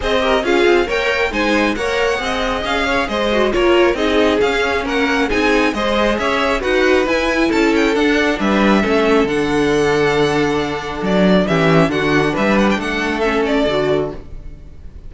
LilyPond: <<
  \new Staff \with { instrumentName = "violin" } { \time 4/4 \tempo 4 = 136 dis''4 f''4 g''4 gis''4 | fis''2 f''4 dis''4 | cis''4 dis''4 f''4 fis''4 | gis''4 dis''4 e''4 fis''4 |
gis''4 a''8 g''8 fis''4 e''4~ | e''4 fis''2.~ | fis''4 d''4 e''4 fis''4 | e''8 fis''16 g''16 fis''4 e''8 d''4. | }
  \new Staff \with { instrumentName = "violin" } { \time 4/4 c''8 ais'8 gis'4 cis''4 c''4 | cis''4 dis''4. cis''8 c''4 | ais'4 gis'2 ais'4 | gis'4 c''4 cis''4 b'4~ |
b'4 a'2 b'4 | a'1~ | a'2 g'4 fis'4 | b'4 a'2. | }
  \new Staff \with { instrumentName = "viola" } { \time 4/4 gis'8 g'8 f'4 ais'4 dis'4 | ais'4 gis'2~ gis'8 fis'8 | f'4 dis'4 cis'2 | dis'4 gis'2 fis'4 |
e'2 d'2 | cis'4 d'2.~ | d'2 cis'4 d'4~ | d'2 cis'4 fis'4 | }
  \new Staff \with { instrumentName = "cello" } { \time 4/4 c'4 cis'8 c'8 ais4 gis4 | ais4 c'4 cis'4 gis4 | ais4 c'4 cis'4 ais4 | c'4 gis4 cis'4 dis'4 |
e'4 cis'4 d'4 g4 | a4 d2.~ | d4 fis4 e4 d4 | g4 a2 d4 | }
>>